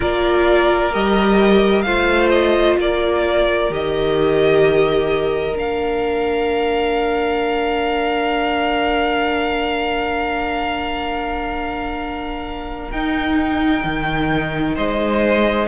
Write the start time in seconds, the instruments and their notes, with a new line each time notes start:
0.00 cello A#3, viola F4, violin A#4 D5
0.92 cello G3, viola G4, violin D#5
1.82 cello A3, viola F4, violin C5 F5
2.30 violin D#5
2.78 cello A#3, violin A#4 D5
3.69 cello D#3, viola G4, violin D#5
5.52 cello A#3, viola D4, violin F5
12.91 viola D#4, cello D#4, violin G5
13.84 cello D#3
14.75 cello G#3, violin C5 D#5